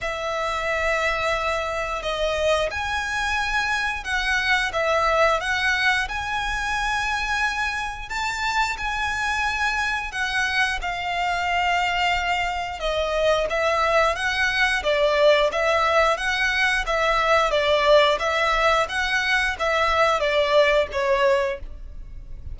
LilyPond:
\new Staff \with { instrumentName = "violin" } { \time 4/4 \tempo 4 = 89 e''2. dis''4 | gis''2 fis''4 e''4 | fis''4 gis''2. | a''4 gis''2 fis''4 |
f''2. dis''4 | e''4 fis''4 d''4 e''4 | fis''4 e''4 d''4 e''4 | fis''4 e''4 d''4 cis''4 | }